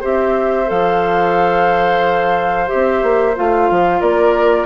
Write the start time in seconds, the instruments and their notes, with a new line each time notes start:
0.00 bassoon C4, clarinet G4, oboe C5, flute E5
0.66 bassoon F3, clarinet A4, flute F5
2.67 clarinet G4, flute E5
2.73 bassoon C4
3.02 bassoon A#3
3.36 bassoon A3, clarinet F4, flute F5
3.70 bassoon F3
4.00 bassoon A#3, oboe A#4, flute D5